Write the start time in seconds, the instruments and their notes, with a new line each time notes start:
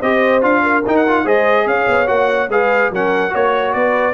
0.00 tuba C4, trombone G4, horn C5, trumpet D#5
0.41 tuba D4, trombone F4, trumpet F5
0.63 horn A#4
0.86 trombone D#4, tuba D#4, trumpet G5
0.97 trumpet F#5
1.08 trombone F4
1.24 tuba G#3, trombone G#4, horn C5, trumpet D#5
1.66 tuba C#4, horn C#5, trumpet F5
1.88 tuba B3
2.07 tuba A#3, trombone F#4, trumpet F#5
2.49 tuba G#3, trombone G#4, horn B4, trumpet F5
2.91 tuba F#3, trombone C#4, horn A#4, trumpet F#5
3.30 tuba A#3, trombone F#4, horn C#5, trumpet C#5
3.73 tuba B3, horn B4, trumpet D5